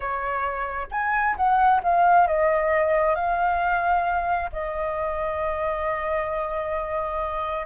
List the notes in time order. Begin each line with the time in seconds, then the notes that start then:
0.00 C#5
0.91 G#5
1.36 F#5
1.83 F5
2.27 D#5
3.15 F5
4.52 D#5